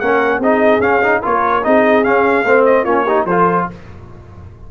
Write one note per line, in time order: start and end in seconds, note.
0.00 0.39 A#3
0.00 0.43 C#4
0.00 0.40 A#4
0.00 0.41 F#5
0.39 0.79 C4
0.39 0.82 D#4
0.39 1.21 G#4
0.39 0.81 D#5
0.80 1.20 C#4
0.80 1.02 C#4
0.80 1.22 F5
1.03 1.22 D#4
1.22 1.66 A#3
1.22 1.63 F4
1.22 1.63 A#4
1.22 1.64 C#5
1.64 2.05 C4
1.64 2.04 D#4
1.64 2.46 G#4
1.64 2.04 D#5
2.04 2.45 C#4
2.04 2.65 F5
2.45 2.85 A3
2.45 2.86 C4
2.45 2.84 C5
2.66 2.85 D#5
2.84 3.25 A#3
2.84 3.07 C#4
2.84 3.04 F4
2.84 3.26 C#5
3.05 3.28 D#4
3.05 3.26 G4
3.25 3.66 F3
3.25 3.71 F4
3.25 3.67 A4
3.25 3.67 C5